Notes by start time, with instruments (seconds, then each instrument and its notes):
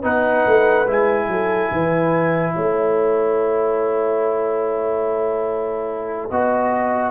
0.00 tuba B3, trombone D#4, horn B4, trumpet F#5
0.46 tuba A3
0.87 tuba G#3, trombone E4, trumpet G#5
1.28 tuba F#3, horn A4
1.71 tuba E3, horn B4
2.54 tuba A3, horn C#5, trumpet A5
6.29 tuba B3, trombone F#4, horn D#5